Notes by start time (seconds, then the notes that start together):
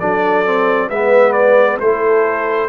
0.00 F#3 D4 A4 D5
0.46 C4
0.89 G#3 B3 B4 E5
1.33 D5
1.80 A3 E4 A4 C5